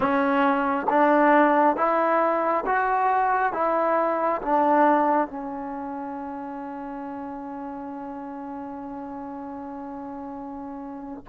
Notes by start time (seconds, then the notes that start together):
0.00 C#4
0.89 D4
1.76 E4
2.66 F#4
3.53 E4
4.42 D4
5.27 C#4